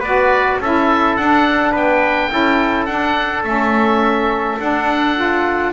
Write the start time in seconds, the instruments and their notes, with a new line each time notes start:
0.00 double bass B3, saxophone F#4, trumpet B4, oboe D5
0.60 double bass C#4, saxophone E4, trumpet A4, oboe E5
1.16 double bass D4, saxophone D4, oboe F#5
1.72 double bass B3, trumpet B4, oboe G5
2.30 double bass C#4, saxophone E4, trumpet A4
2.86 double bass D4, saxophone D4, oboe F#5
3.44 double bass A3, saxophone C#4, oboe E5
4.60 double bass D4, saxophone D4, oboe F#5
5.16 saxophone F4